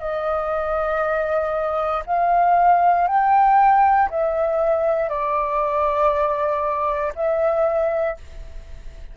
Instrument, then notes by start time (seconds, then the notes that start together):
flute
0.00 D#5
2.07 F5
3.08 G5
4.10 E5
5.10 D5
7.16 E5